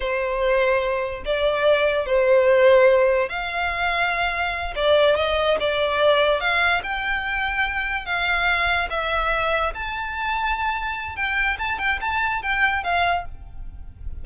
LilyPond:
\new Staff \with { instrumentName = "violin" } { \time 4/4 \tempo 4 = 145 c''2. d''4~ | d''4 c''2. | f''2.~ f''8 d''8~ | d''8 dis''4 d''2 f''8~ |
f''8 g''2. f''8~ | f''4. e''2 a''8~ | a''2. g''4 | a''8 g''8 a''4 g''4 f''4 | }